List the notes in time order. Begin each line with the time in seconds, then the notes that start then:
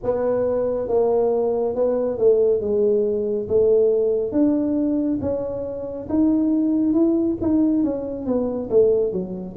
0.03 B3
0.88 A#3
1.75 B3
2.17 A3
2.60 G#3
3.48 A3
4.32 D4
5.21 C#4
6.09 D#4
6.93 E4
7.41 D#4
7.83 C#4
8.26 B3
8.70 A3
9.12 F#3